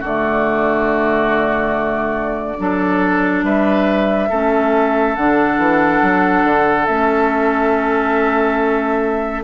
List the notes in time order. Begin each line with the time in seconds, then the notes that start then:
0.00 D3 A3 F#4 D5
2.58 F#3 D4 A4
3.43 G3 B4 E5
4.29 A3 C#4 A4
5.16 D3 D4 F#5
5.58 E3
6.02 F#3
6.44 D3
6.86 A3 C#4 E5